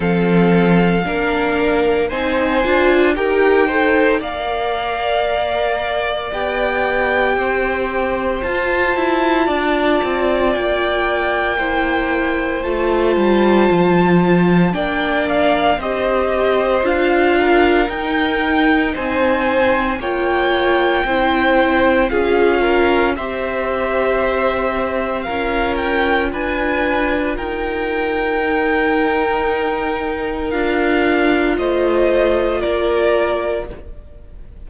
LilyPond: <<
  \new Staff \with { instrumentName = "violin" } { \time 4/4 \tempo 4 = 57 f''2 gis''4 g''4 | f''2 g''2 | a''2 g''2 | a''2 g''8 f''8 dis''4 |
f''4 g''4 gis''4 g''4~ | g''4 f''4 e''2 | f''8 g''8 gis''4 g''2~ | g''4 f''4 dis''4 d''4 | }
  \new Staff \with { instrumentName = "violin" } { \time 4/4 a'4 ais'4 c''4 ais'8 c''8 | d''2. c''4~ | c''4 d''2 c''4~ | c''2 d''4 c''4~ |
c''8 ais'4. c''4 cis''4 | c''4 gis'8 ais'8 c''2 | ais'4 b'4 ais'2~ | ais'2 c''4 ais'4 | }
  \new Staff \with { instrumentName = "viola" } { \time 4/4 c'4 d'4 dis'8 f'8 g'8 a'8 | ais'2 g'2 | f'2. e'4 | f'2 d'4 g'4 |
f'4 dis'2 f'4 | e'4 f'4 g'2 | f'2. dis'4~ | dis'4 f'2. | }
  \new Staff \with { instrumentName = "cello" } { \time 4/4 f4 ais4 c'8 d'8 dis'4 | ais2 b4 c'4 | f'8 e'8 d'8 c'8 ais2 | a8 g8 f4 ais4 c'4 |
d'4 dis'4 c'4 ais4 | c'4 cis'4 c'2 | cis'4 d'4 dis'2~ | dis'4 d'4 a4 ais4 | }
>>